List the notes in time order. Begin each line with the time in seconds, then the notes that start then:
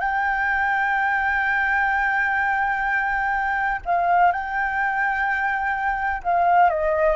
0.00 G5
3.85 F5
4.32 G5
6.23 F5
6.70 D#5